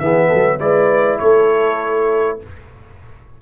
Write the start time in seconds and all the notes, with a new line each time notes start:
0.00 E3 B3 G#4 E5
0.29 F#3 A4
0.59 G#3 E4 B4 D5
1.19 A3 A4 C#5